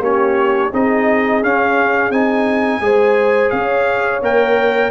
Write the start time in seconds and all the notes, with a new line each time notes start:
0.00 A#3 C#4 G4 C#5
0.70 C4 D#4 G#4 D#5
1.42 C#4 F5
2.10 C4 D#4 G#5
2.80 G#3 G#4 C5
3.50 C#4 C#5 F5
4.22 A#3 A#4 G5